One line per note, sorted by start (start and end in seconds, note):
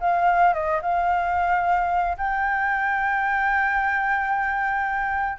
0.00 0.53 F5
0.53 0.80 D#5
0.82 2.17 F5
2.17 5.38 G5